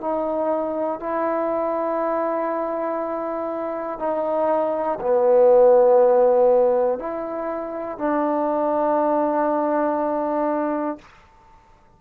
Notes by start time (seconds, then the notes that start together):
0.00 D#4
1.00 E4
3.99 D#4
5.00 B3
6.99 E4
7.98 D4